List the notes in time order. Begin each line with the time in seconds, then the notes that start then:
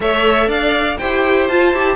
0.00 A3 A4 C#5 E5
0.47 D4 D5 F5
0.98 E4 G4 C5 G5
1.48 F4 A5
1.72 E4 G4